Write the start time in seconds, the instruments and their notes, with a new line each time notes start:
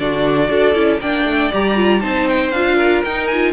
0.00 cello D3, viola D4, violin F#4 D5
0.49 cello D4, viola F#4, violin A4
0.75 cello C#4, viola E4
1.01 cello A#3, viola D4, violin D5 G5
1.26 cello A3
1.52 cello G3, viola G4, violin A#5
1.76 viola F4
2.01 cello C4, viola D#4, violin C5 A5
2.29 violin G5
2.52 cello D4, viola F4, violin F5
2.76 violin A#4
3.05 cello D#4, viola D#4, violin G5
3.27 viola F4, violin G#5